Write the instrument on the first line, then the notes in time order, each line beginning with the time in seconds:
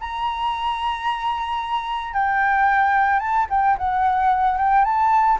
flute
0.00 A#5
2.13 G5
3.19 A5
3.50 G5
3.77 F#5
4.58 G5
4.84 A5